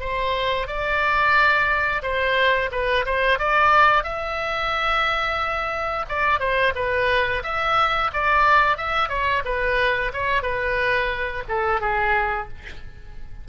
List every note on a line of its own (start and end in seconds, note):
0.00 0.67 C5
0.67 2.02 D5
2.03 2.70 C5
2.72 3.05 B4
3.06 3.39 C5
3.39 4.04 D5
4.04 6.06 E5
6.09 6.40 D5
6.40 6.73 C5
6.75 7.43 B4
7.43 8.11 E5
8.13 8.77 D5
8.77 9.09 E5
9.09 9.43 C#5
9.45 10.12 B4
10.13 10.42 C#5
10.42 11.44 B4
11.49 11.81 A4
11.81 12.48 G#4